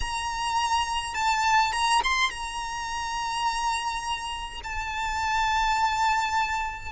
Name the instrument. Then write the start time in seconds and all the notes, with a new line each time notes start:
violin
0.00 A#5
1.14 A5
1.72 A#5
2.03 C6
2.30 A#5
4.63 A5